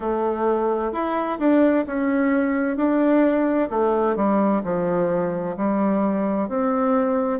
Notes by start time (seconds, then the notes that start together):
0.00 A3
0.92 E4
1.38 D4
1.86 C#4
2.77 D4
3.70 A3
4.15 G3
4.64 F3
5.56 G3
6.49 C4